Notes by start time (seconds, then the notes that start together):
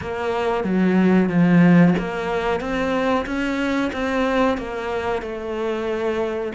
0.01 A#3
0.63 F#3
1.29 F3
1.98 A#3
2.60 C4
3.25 C#4
3.92 C4
4.57 A#3
5.22 A3